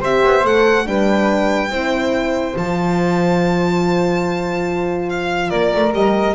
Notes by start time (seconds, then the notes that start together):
0.00 C4 G4 C5 E5
0.25 B3
0.43 A3 A4 F#5
0.86 G3 D4 B4 G5
1.70 C4 E4 C5
2.56 F3 F4 A5
5.09 F5
5.50 A#3 A#4 D5
5.75 A3
5.93 G3 G4 D#5